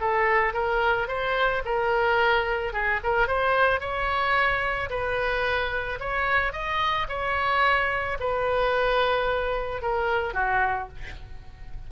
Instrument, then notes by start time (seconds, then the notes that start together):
oboe
0.00 A4
0.53 A#4
1.07 C5
1.65 A#4
2.72 G#4
3.03 A#4
3.27 C5
3.80 C#5
4.89 B4
6.00 C#5
6.52 D#5
7.08 C#5
8.19 B4
9.82 A#4
10.33 F#4